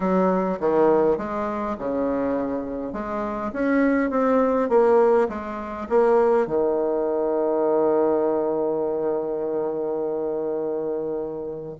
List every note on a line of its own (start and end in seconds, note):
0.00 0.59 F#3
0.60 1.17 D#3
1.17 1.76 G#3
1.78 2.93 C#3
2.93 3.51 G#3
3.52 4.10 C#4
4.10 4.69 C4
4.69 5.28 A#3
5.28 5.87 G#3
5.89 6.46 A#3
6.46 11.76 D#3